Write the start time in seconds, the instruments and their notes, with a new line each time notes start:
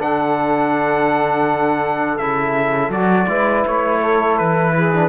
0.00 cello D3, trombone D4, saxophone A4, trumpet F#5
2.18 cello C#3, trombone E4, trumpet E5
2.90 cello F#3, trombone F#4, trumpet D5
3.28 cello G#3, trombone E4, saxophone B4
3.67 cello A3, trumpet C#5
4.00 saxophone A4
4.38 cello E3, trumpet B4
4.75 saxophone G#4
4.94 trombone D4